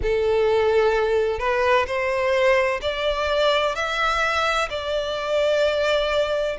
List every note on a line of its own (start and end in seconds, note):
0.02 1.39 A4
1.39 1.86 B4
1.86 2.80 C5
2.81 3.75 D5
3.75 4.69 E5
4.69 6.57 D5